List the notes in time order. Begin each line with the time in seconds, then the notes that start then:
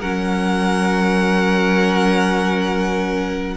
0.00 F#3 C#4 A#4 F#5